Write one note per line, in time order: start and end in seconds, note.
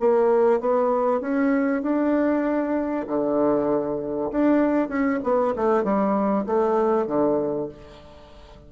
0.00 0.60 A#3
0.60 1.21 B3
1.21 1.83 C#4
1.83 3.06 D4
3.08 4.32 D3
4.32 4.89 D4
4.89 5.20 C#4
5.24 5.55 B3
5.56 5.84 A3
5.84 6.46 G3
6.47 7.07 A3
7.07 7.69 D3